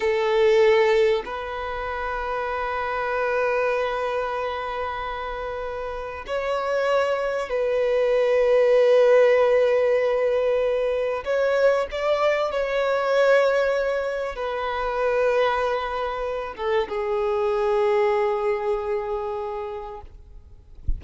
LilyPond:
\new Staff \with { instrumentName = "violin" } { \time 4/4 \tempo 4 = 96 a'2 b'2~ | b'1~ | b'2 cis''2 | b'1~ |
b'2 cis''4 d''4 | cis''2. b'4~ | b'2~ b'8 a'8 gis'4~ | gis'1 | }